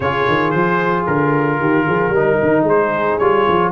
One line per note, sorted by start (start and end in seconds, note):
0.00 0.25 C#3
0.00 2.15 F4
0.00 1.59 G#4
0.00 0.50 C#5
0.28 0.53 D#3
0.50 1.06 F3
0.50 1.03 C5
1.06 1.59 D3
1.06 2.65 A#4
1.59 1.86 D#3
1.59 1.86 G4
1.86 2.09 F3
1.86 2.12 G#4
2.09 2.36 G3
2.09 3.21 D#4
2.09 2.66 A#4
2.42 2.62 D#3
2.62 3.15 G#3
2.62 3.72 G#4
2.69 3.18 C5
3.18 3.46 G3
3.18 3.72 F4
3.18 3.71 C#5
3.48 3.72 F3